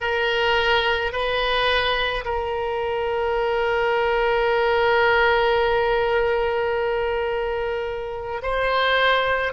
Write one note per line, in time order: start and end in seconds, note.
0.01 1.12 A#4
1.12 2.24 B4
2.25 8.41 A#4
8.42 9.52 C5